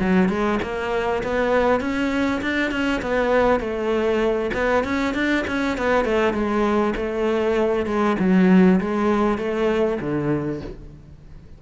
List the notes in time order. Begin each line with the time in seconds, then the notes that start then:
0.00 F#3
0.29 G#3
0.63 A#3
1.24 B3
1.81 C#4
2.42 D4
2.71 C#4
3.02 B3
3.60 A3
4.54 B3
4.84 C#4
5.15 D4
5.48 C#4
5.78 B3
6.05 A3
6.34 G#3
6.96 A3
7.86 G#3
8.20 F#3
8.81 G#3
9.38 A3
10.01 D3